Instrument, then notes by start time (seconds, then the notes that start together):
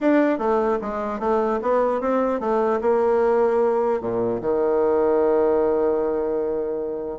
bassoon
0.01 D4
0.38 A3
0.81 G#3
1.19 A3
1.62 B3
2.00 C4
2.40 A3
2.81 A#3
4.00 A#2
4.41 D#3